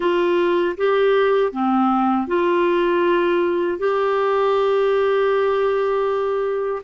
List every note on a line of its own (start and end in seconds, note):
0.00 0.76 F4
0.77 1.52 G4
1.52 2.27 C4
2.27 3.78 F4
3.78 6.82 G4